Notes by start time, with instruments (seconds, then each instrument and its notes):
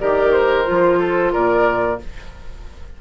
0.00 bassoon D#3, clarinet G4, oboe A#4, flute D5
0.33 flute C5
0.66 bassoon F3, clarinet F4
1.00 oboe A4
1.33 bassoon A#2, oboe A#4, flute D5